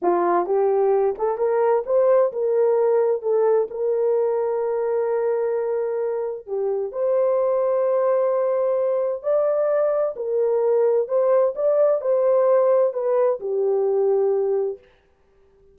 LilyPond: \new Staff \with { instrumentName = "horn" } { \time 4/4 \tempo 4 = 130 f'4 g'4. a'8 ais'4 | c''4 ais'2 a'4 | ais'1~ | ais'2 g'4 c''4~ |
c''1 | d''2 ais'2 | c''4 d''4 c''2 | b'4 g'2. | }